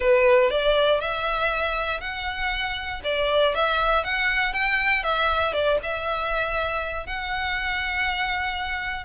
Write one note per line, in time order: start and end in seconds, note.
0.00 0.50 B4
0.50 1.00 D5
1.00 2.00 E5
2.00 3.01 F#5
3.04 3.54 D5
3.54 4.03 E5
4.03 4.53 F#5
4.53 5.03 G5
5.03 5.53 E5
5.53 5.78 D5
5.82 7.06 E5
7.06 9.04 F#5